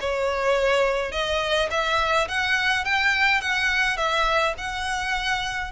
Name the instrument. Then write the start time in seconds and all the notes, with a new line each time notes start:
violin
0.00 C#5
1.12 D#5
1.71 E5
2.28 F#5
2.84 G5
3.41 F#5
3.97 E5
4.58 F#5